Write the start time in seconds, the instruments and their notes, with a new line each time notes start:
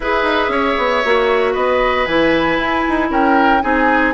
0.00 bassoon E4, clarinet G#4, oboe B4, flute E5
0.23 bassoon D#4
0.48 bassoon C#4, oboe C#5
0.77 bassoon B3
1.04 bassoon A#3, clarinet F#4
1.52 bassoon B3, oboe B4, flute D#5
2.05 bassoon E3, clarinet E4, flute G#5
2.58 bassoon E4
2.88 bassoon D#4
3.10 bassoon C#4, oboe A#4, flute G5
3.62 bassoon C4, clarinet D#4, oboe G#4, flute G#5